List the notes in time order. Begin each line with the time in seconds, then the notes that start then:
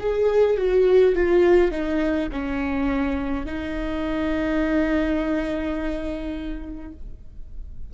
0.00 G#4
0.58 F#4
1.15 F4
1.71 D#4
2.32 C#4
3.46 D#4